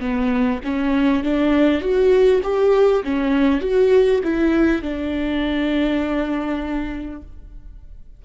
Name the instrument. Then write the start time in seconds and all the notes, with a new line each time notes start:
viola
0.00 B3
0.64 C#4
1.23 D4
1.81 F#4
2.43 G4
3.03 C#4
3.61 F#4
4.23 E4
4.82 D4